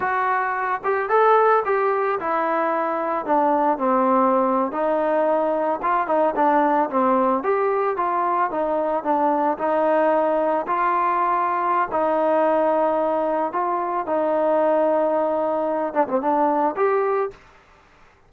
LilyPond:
\new Staff \with { instrumentName = "trombone" } { \time 4/4 \tempo 4 = 111 fis'4. g'8 a'4 g'4 | e'2 d'4 c'4~ | c'8. dis'2 f'8 dis'8 d'16~ | d'8. c'4 g'4 f'4 dis'16~ |
dis'8. d'4 dis'2 f'16~ | f'2 dis'2~ | dis'4 f'4 dis'2~ | dis'4. d'16 c'16 d'4 g'4 | }